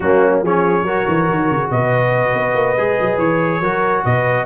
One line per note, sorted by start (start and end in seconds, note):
0.00 0.42 F#3
0.00 0.45 A#3
0.00 0.42 C#4
0.00 0.41 F#4
0.42 0.82 F3
0.42 0.86 C#4
0.42 0.83 G#4
0.42 1.70 C#5
0.82 1.04 F#3
0.82 2.77 F#4
0.82 1.68 A#4
1.08 1.29 E3
1.29 1.50 D#3
1.50 1.70 C#3
1.70 2.33 B2
1.70 3.61 B4
1.70 3.18 D#5
2.33 2.54 B3
2.54 2.75 A#3
2.76 2.98 G#3
2.76 3.62 G#4
3.00 3.18 F#3
3.18 3.60 E3
3.18 4.03 C#5
3.60 4.03 F#3
3.60 4.45 F#4
3.60 4.04 A#4
4.05 4.45 B2
4.05 4.45 B4
4.05 4.45 D#5